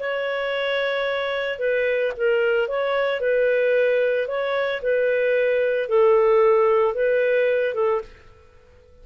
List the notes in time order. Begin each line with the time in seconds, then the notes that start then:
0.00 C#5
1.59 B4
2.17 A#4
2.68 C#5
3.21 B4
4.28 C#5
4.82 B4
5.89 A4
6.94 B4
7.75 A4